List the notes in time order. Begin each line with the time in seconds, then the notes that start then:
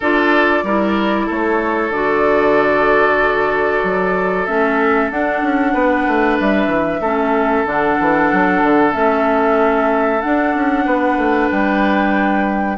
0.00 D4 F4 A4 D5
0.63 G3 E4 A#4
1.26 A3 A4 C#5
1.89 D3 F#4 D5
3.83 F#3
4.46 A3 C#4 E5
5.10 D4 F#5
5.42 C#4
5.73 B3 B4
6.07 A3
6.39 G3 E5
6.66 E3
7.00 A3 C#4 A4
7.65 D3 D4 F#5
8.00 E3
8.32 F#3
8.62 D3
8.92 A3 C#4 E5
10.21 D4 F#5
10.55 C#4
10.85 B3 B4
11.17 A3
11.50 G3 G5